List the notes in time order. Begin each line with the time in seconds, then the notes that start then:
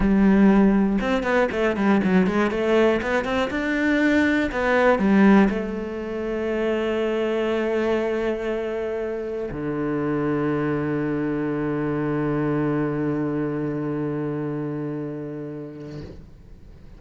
0.00 G3
1.00 C4
1.23 B3
1.51 A3
1.76 G3
2.03 F#3
2.26 G#3
2.50 A3
3.02 B3
3.24 C4
3.50 D4
4.51 B3
4.98 G3
5.49 A3
9.51 D3